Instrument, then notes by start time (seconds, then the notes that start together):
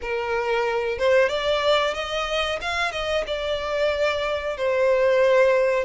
violin
0.01 A#4
0.98 C5
1.29 D5
1.94 D#5
2.61 F5
2.91 D#5
3.26 D5
4.57 C5